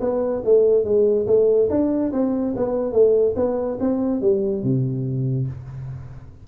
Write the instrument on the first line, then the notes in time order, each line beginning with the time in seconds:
tuba
0.00 B3
0.44 A3
0.84 G#3
1.27 A3
1.70 D4
2.12 C4
2.56 B3
2.92 A3
3.36 B3
3.80 C4
4.21 G3
4.63 C3